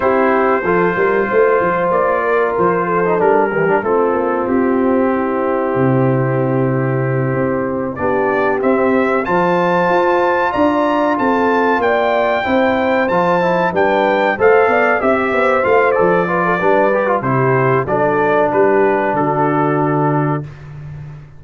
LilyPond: <<
  \new Staff \with { instrumentName = "trumpet" } { \time 4/4 \tempo 4 = 94 c''2. d''4 | c''4 ais'4 a'4 g'4~ | g'1~ | g'8 d''4 e''4 a''4.~ |
a''8 ais''4 a''4 g''4.~ | g''8 a''4 g''4 f''4 e''8~ | e''8 f''8 d''2 c''4 | d''4 b'4 a'2 | }
  \new Staff \with { instrumentName = "horn" } { \time 4/4 g'4 a'8 ais'8 c''4. ais'8~ | ais'8 a'4 g'8 f'2 | e'1~ | e'8 g'2 c''4.~ |
c''8 d''4 a'4 d''4 c''8~ | c''4. b'4 c''8 d''8 e''8 | c''4. b'16 a'16 b'4 g'4 | a'4 g'4 fis'2 | }
  \new Staff \with { instrumentName = "trombone" } { \time 4/4 e'4 f'2.~ | f'8. dis'16 d'8 e16 d'16 c'2~ | c'1~ | c'8 d'4 c'4 f'4.~ |
f'2.~ f'8 e'8~ | e'8 f'8 e'8 d'4 a'4 g'8~ | g'8 f'8 a'8 f'8 d'8 g'16 f'16 e'4 | d'1 | }
  \new Staff \with { instrumentName = "tuba" } { \time 4/4 c'4 f8 g8 a8 f8 ais4 | f4 g4 a8 ais8 c'4~ | c'4 c2~ c8 c'8~ | c'8 b4 c'4 f4 f'8~ |
f'8 d'4 c'4 ais4 c'8~ | c'8 f4 g4 a8 b8 c'8 | b8 a8 f4 g4 c4 | fis4 g4 d2 | }
>>